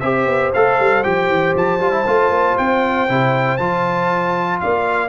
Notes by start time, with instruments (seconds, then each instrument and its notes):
0.00 tuba C4, trombone G4, horn C5, trumpet E5
0.27 tuba B3
0.54 tuba A3, trombone A4, trumpet F5
0.80 tuba G3
1.03 tuba F3, trombone G4, trumpet G5
1.28 tuba E3
1.55 tuba F3, trumpet A5
1.80 tuba G3, trombone F4
1.92 trombone E4
2.06 tuba A3, trombone F4
2.30 tuba A#3
2.58 tuba C4, trumpet G5
3.08 tuba C3, trombone E4
3.57 tuba F3, trombone F4, trumpet A5
4.60 tuba A#3, horn D5, trumpet F5